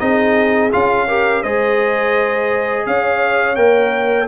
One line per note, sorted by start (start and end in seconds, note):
0.00 0.73 C4
0.00 0.71 D#4
0.00 1.08 G#4
0.00 0.71 D#5
0.72 1.44 C#4
0.72 1.08 F4
0.72 1.43 F5
1.08 1.44 G4
1.08 1.43 A#4
1.43 2.87 G#3
1.43 3.57 G#4
1.43 2.86 C5
1.43 2.86 D#5
2.87 3.58 C#4
2.87 4.28 C#5
2.87 3.56 F5
3.56 4.28 A#3
3.56 4.28 A#4
3.56 4.27 G5